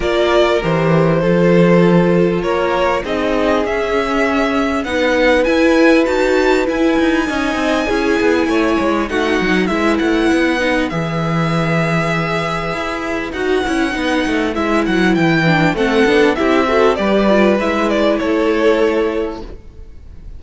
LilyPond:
<<
  \new Staff \with { instrumentName = "violin" } { \time 4/4 \tempo 4 = 99 d''4 c''2. | cis''4 dis''4 e''2 | fis''4 gis''4 a''4 gis''4~ | gis''2. fis''4 |
e''8 fis''4. e''2~ | e''2 fis''2 | e''8 fis''8 g''4 fis''4 e''4 | d''4 e''8 d''8 cis''2 | }
  \new Staff \with { instrumentName = "violin" } { \time 4/4 ais'2 a'2 | ais'4 gis'2. | b'1 | dis''4 gis'4 cis''4 fis'4 |
b'1~ | b'1~ | b'2 a'4 g'8 a'8 | b'2 a'2 | }
  \new Staff \with { instrumentName = "viola" } { \time 4/4 f'4 g'4 f'2~ | f'4 dis'4 cis'2 | dis'4 e'4 fis'4 e'4 | dis'4 e'2 dis'4 |
e'4. dis'8 gis'2~ | gis'2 fis'8 e'8 dis'4 | e'4. d'8 c'8 d'8 e'8 fis'8 | g'8 f'8 e'2. | }
  \new Staff \with { instrumentName = "cello" } { \time 4/4 ais4 e4 f2 | ais4 c'4 cis'2 | b4 e'4 dis'4 e'8 dis'8 | cis'8 c'8 cis'8 b8 a8 gis8 a8 fis8 |
gis8 a8 b4 e2~ | e4 e'4 dis'8 cis'8 b8 a8 | gis8 fis8 e4 a8 b8 c'4 | g4 gis4 a2 | }
>>